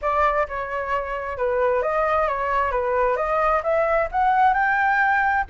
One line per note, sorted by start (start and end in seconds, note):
0.01 0.47 D5
0.48 1.37 C#5
1.37 1.82 B4
1.82 2.28 D#5
2.28 2.71 C#5
2.71 3.16 B4
3.16 3.61 D#5
3.63 4.08 E5
4.11 4.53 F#5
4.53 5.44 G5